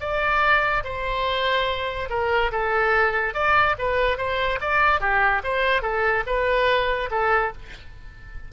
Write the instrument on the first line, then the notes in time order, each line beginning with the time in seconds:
oboe
0.00 D5
0.84 C5
2.09 A#4
2.52 A4
3.34 D5
3.78 B4
4.18 C5
4.61 D5
5.00 G4
5.44 C5
5.82 A4
6.27 B4
7.11 A4